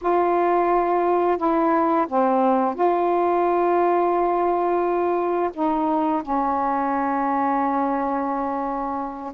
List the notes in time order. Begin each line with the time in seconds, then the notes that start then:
0.01 F4
1.37 E4
2.08 C4
2.74 F4
5.53 D#4
6.22 C#4